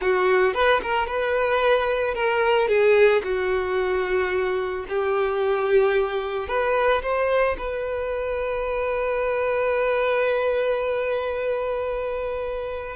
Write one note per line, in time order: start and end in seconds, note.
0.01 0.54 F#4
0.54 0.81 B4
0.82 1.07 A#4
1.07 2.14 B4
2.14 2.68 A#4
2.68 3.22 G#4
3.23 4.85 F#4
4.88 6.48 G4
6.48 7.02 B4
7.02 7.56 C5
7.57 12.96 B4